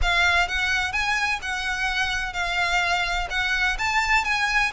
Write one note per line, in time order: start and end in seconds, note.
0.02 0.47 F5
0.47 0.92 F#5
0.92 1.39 G#5
1.42 2.33 F#5
2.33 3.27 F5
3.30 3.77 F#5
3.78 4.24 A5
4.24 4.71 G#5